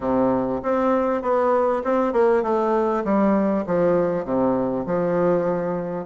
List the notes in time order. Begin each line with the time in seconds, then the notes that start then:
0.00 C3
0.62 C4
1.22 B3
1.83 C4
2.12 A#3
2.42 A3
3.04 G3
3.66 F3
4.24 C3
4.86 F3